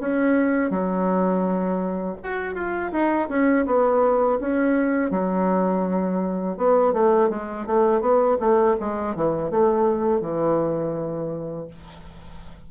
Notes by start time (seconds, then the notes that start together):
0.00 C#4
0.70 F#3
2.23 F#4
2.55 F4
2.92 D#4
3.29 C#4
3.66 B3
4.40 C#4
5.11 F#3
6.57 B3
6.93 A3
7.30 G#3
7.66 A3
8.01 B3
8.40 A3
8.80 G#3
9.15 E3
9.50 A3
10.21 E3